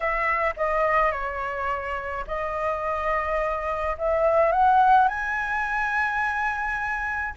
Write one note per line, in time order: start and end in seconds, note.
0.00 0.54 E5
0.56 1.11 D#5
1.11 2.25 C#5
2.27 3.96 D#5
3.98 4.52 E5
4.52 5.08 F#5
5.08 7.34 G#5